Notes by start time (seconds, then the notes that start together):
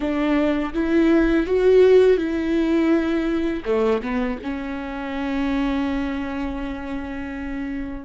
0.00 D4
0.73 E4
1.46 F#4
2.17 E4
3.65 A3
4.01 B3
4.43 C#4